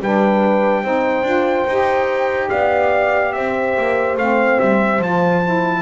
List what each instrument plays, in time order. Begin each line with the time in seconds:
0.00 double bass G3, saxophone D4, horn B4, trumpet G5
0.83 double bass C4, saxophone D#4, horn C5
1.22 double bass D4, saxophone F4
1.66 double bass D#4, saxophone G4
2.49 double bass B3, horn D5, trumpet F5
3.32 double bass C4, horn C5, trumpet E5
3.77 double bass A#3
4.16 double bass A3, saxophone C4, trumpet F5
4.59 double bass G3, trumpet E5
4.99 double bass F3, saxophone F4, trumpet A5
5.43 saxophone E4